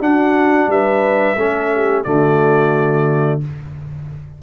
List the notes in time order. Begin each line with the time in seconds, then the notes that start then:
0.00 D4 F#4 F#5
0.67 G3 B4 E5
1.36 A3 C#4 A4
1.74 G4
2.04 D3 A3 F#4 D5